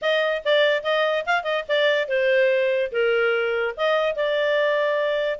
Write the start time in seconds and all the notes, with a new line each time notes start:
0.01 D#5
0.45 D5
0.83 D#5
1.26 F5
1.43 D#5
1.68 D5
2.08 C5
2.91 A#4
3.76 D#5
4.15 D5